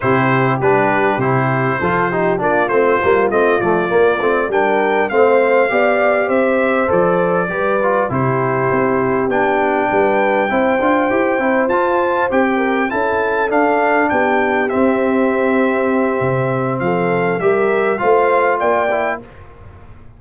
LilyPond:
<<
  \new Staff \with { instrumentName = "trumpet" } { \time 4/4 \tempo 4 = 100 c''4 b'4 c''2 | d''8 c''4 dis''8 d''4. g''8~ | g''8 f''2 e''4 d''8~ | d''4. c''2 g''8~ |
g''2.~ g''8 a''8~ | a''8 g''4 a''4 f''4 g''8~ | g''8 e''2.~ e''8 | f''4 e''4 f''4 g''4 | }
  \new Staff \with { instrumentName = "horn" } { \time 4/4 g'2. a'8 g'8 | f'2.~ f'8 ais'8~ | ais'8 c''4 d''4 c''4.~ | c''8 b'4 g'2~ g'8~ |
g'8 b'4 c''2~ c''8~ | c''4 ais'8 a'2 g'8~ | g'1 | a'4 ais'4 c''4 d''4 | }
  \new Staff \with { instrumentName = "trombone" } { \time 4/4 e'4 d'4 e'4 f'8 dis'8 | d'8 c'8 ais8 c'8 a8 ais8 c'8 d'8~ | d'8 c'4 g'2 a'8~ | a'8 g'8 f'8 e'2 d'8~ |
d'4. e'8 f'8 g'8 e'8 f'8~ | f'8 g'4 e'4 d'4.~ | d'8 c'2.~ c'8~ | c'4 g'4 f'4. e'8 | }
  \new Staff \with { instrumentName = "tuba" } { \time 4/4 c4 g4 c4 f4 | ais8 a8 g8 a8 f8 ais8 a8 g8~ | g8 a4 b4 c'4 f8~ | f8 g4 c4 c'4 b8~ |
b8 g4 c'8 d'8 e'8 c'8 f'8~ | f'8 c'4 cis'4 d'4 b8~ | b8 c'2~ c'8 c4 | f4 g4 a4 ais4 | }
>>